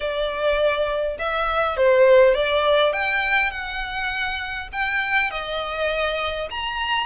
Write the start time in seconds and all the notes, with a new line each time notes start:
0.00 D5
1.18 E5
1.76 C5
2.34 D5
2.92 G5
3.51 F#5
4.72 G5
5.30 D#5
6.50 A#5